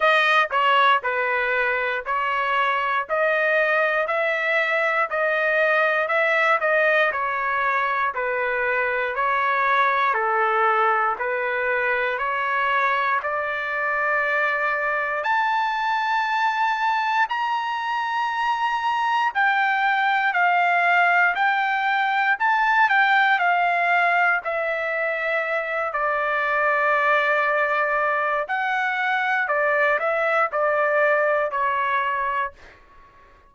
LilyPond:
\new Staff \with { instrumentName = "trumpet" } { \time 4/4 \tempo 4 = 59 dis''8 cis''8 b'4 cis''4 dis''4 | e''4 dis''4 e''8 dis''8 cis''4 | b'4 cis''4 a'4 b'4 | cis''4 d''2 a''4~ |
a''4 ais''2 g''4 | f''4 g''4 a''8 g''8 f''4 | e''4. d''2~ d''8 | fis''4 d''8 e''8 d''4 cis''4 | }